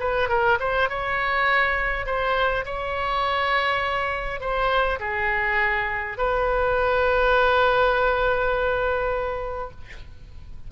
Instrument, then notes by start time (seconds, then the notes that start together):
oboe
0.00 B4
0.29 A#4
0.60 C5
0.89 C#5
2.06 C5
2.65 C#5
4.40 C5
5.00 G#4
6.18 B4